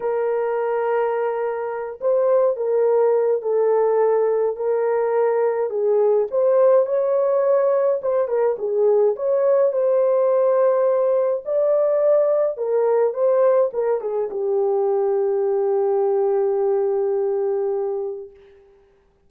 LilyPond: \new Staff \with { instrumentName = "horn" } { \time 4/4 \tempo 4 = 105 ais'2.~ ais'8 c''8~ | c''8 ais'4. a'2 | ais'2 gis'4 c''4 | cis''2 c''8 ais'8 gis'4 |
cis''4 c''2. | d''2 ais'4 c''4 | ais'8 gis'8 g'2.~ | g'1 | }